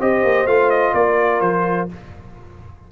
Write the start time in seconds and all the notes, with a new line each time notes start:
0.00 C4 G4 C5 D#5
0.24 A#3
0.46 A3 F4 F5
0.70 D#5
0.94 A#3 A#4 D5
1.41 F3 C5